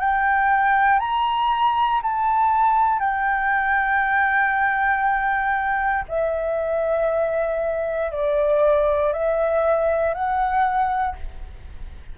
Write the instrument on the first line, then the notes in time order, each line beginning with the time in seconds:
flute
0.00 G5
0.99 A#5
2.02 A5
3.00 G5
6.09 E5
8.12 D5
9.13 E5
10.14 F#5